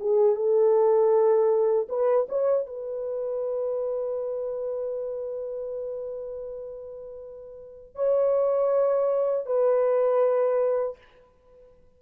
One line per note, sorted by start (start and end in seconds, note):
0.00 0.35 G#4
0.35 1.87 A4
1.89 2.27 B4
2.29 2.66 C#5
2.66 7.95 B4
7.95 9.46 C#5
9.46 10.97 B4